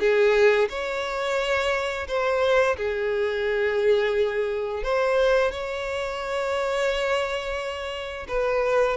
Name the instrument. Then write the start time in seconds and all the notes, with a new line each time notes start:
violin
0.00 G#4
0.70 C#5
2.08 C5
2.77 G#4
4.84 C5
5.51 C#5
8.29 B4